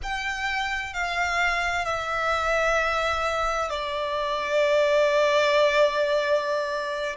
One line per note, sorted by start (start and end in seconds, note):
0.03 0.93 G5
0.93 1.85 F5
1.85 3.69 E5
3.69 7.15 D5